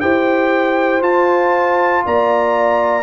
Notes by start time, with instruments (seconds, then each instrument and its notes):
0.00 tuba E4, trombone G4, horn C5, trumpet G5
1.01 trombone F4, tuba F4, trumpet A5
2.05 tuba A#3, horn D5, trumpet A#5